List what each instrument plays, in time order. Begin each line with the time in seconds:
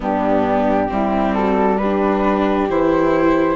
0.00 bassoon G2, viola B3, horn D4, flute G4
0.88 bassoon G3, viola C4, horn E4
1.34 horn F#4, flute A4
1.77 viola D4, horn G4, flute B4
2.69 bassoon E3, viola E4, flute C5